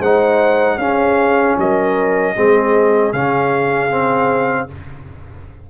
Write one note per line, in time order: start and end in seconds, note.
0.00 0.78 G#3
0.00 0.80 D#4
0.00 0.79 C5
0.00 0.79 F#5
0.78 1.56 C#4
0.78 2.36 C#4
0.78 1.58 G#4
0.78 1.56 F5
1.58 2.36 F#3
1.58 2.36 A#4
1.58 3.13 D#5
2.36 3.13 G#3
2.36 3.14 C4
2.36 4.70 G#4
3.13 4.69 C#3
3.13 3.91 C#4
3.13 4.69 F5
3.91 4.69 C4